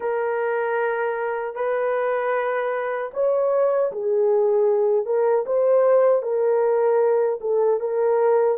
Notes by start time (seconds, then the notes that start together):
0.00 A#4
1.55 B4
3.13 C#5
3.92 G#4
5.05 A#4
5.45 C5
6.22 A#4
7.41 A4
7.80 A#4